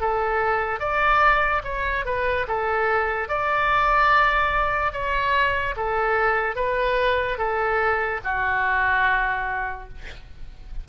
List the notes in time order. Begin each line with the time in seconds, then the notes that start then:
0.00 A4
0.80 D5
1.64 C#5
2.05 B4
2.47 A4
3.28 D5
4.92 C#5
5.76 A4
6.55 B4
7.38 A4
8.24 F#4